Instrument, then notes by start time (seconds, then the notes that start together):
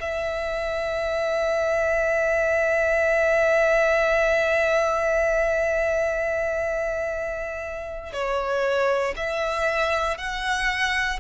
violin
0.00 E5
8.13 C#5
9.16 E5
10.17 F#5